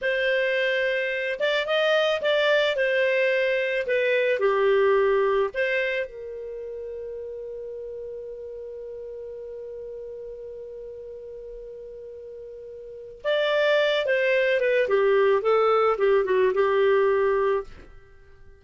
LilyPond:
\new Staff \with { instrumentName = "clarinet" } { \time 4/4 \tempo 4 = 109 c''2~ c''8 d''8 dis''4 | d''4 c''2 b'4 | g'2 c''4 ais'4~ | ais'1~ |
ais'1~ | ais'1 | d''4. c''4 b'8 g'4 | a'4 g'8 fis'8 g'2 | }